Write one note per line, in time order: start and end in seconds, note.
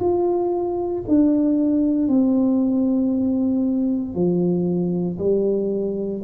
0.00 1.03 F4
1.08 2.09 D4
2.09 4.15 C4
4.15 5.19 F3
5.19 6.23 G3